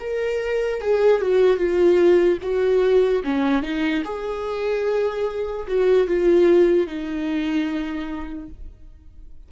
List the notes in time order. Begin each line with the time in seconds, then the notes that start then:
0.00 A#4
0.81 G#4
1.21 F#4
1.57 F4
2.42 F#4
3.24 C#4
3.62 D#4
4.04 G#4
5.67 F#4
6.07 F4
6.87 D#4